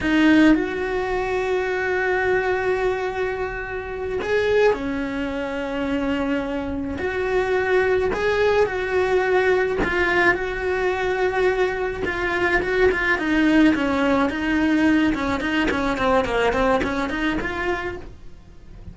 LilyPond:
\new Staff \with { instrumentName = "cello" } { \time 4/4 \tempo 4 = 107 dis'4 fis'2.~ | fis'2.~ fis'8 gis'8~ | gis'8 cis'2.~ cis'8~ | cis'8 fis'2 gis'4 fis'8~ |
fis'4. f'4 fis'4.~ | fis'4. f'4 fis'8 f'8 dis'8~ | dis'8 cis'4 dis'4. cis'8 dis'8 | cis'8 c'8 ais8 c'8 cis'8 dis'8 f'4 | }